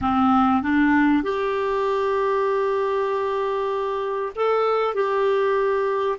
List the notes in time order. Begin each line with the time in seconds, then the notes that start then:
0.01 C4
0.62 D4
1.23 G4
4.35 A4
4.94 G4